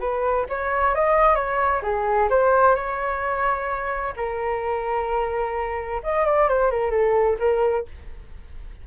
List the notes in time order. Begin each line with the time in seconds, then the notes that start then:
0.00 B4
0.49 C#5
0.95 D#5
1.35 C#5
1.83 G#4
2.30 C5
2.75 C#5
4.16 A#4
6.03 D#5
6.26 D5
6.49 C5
6.71 A#4
6.91 A4
7.39 A#4